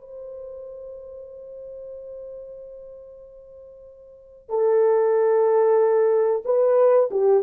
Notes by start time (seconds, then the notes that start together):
0.00 C5
4.49 A4
6.45 B4
7.11 G4